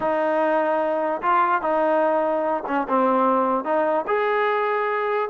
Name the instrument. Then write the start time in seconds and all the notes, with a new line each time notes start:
trombone
0.00 D#4
1.21 F4
1.61 D#4
2.67 C#4
2.88 C4
3.64 D#4
4.07 G#4